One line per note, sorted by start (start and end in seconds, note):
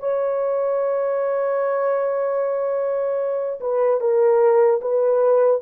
0.00 3.60 C#5
3.61 4.01 B4
4.01 4.81 A#4
4.81 5.61 B4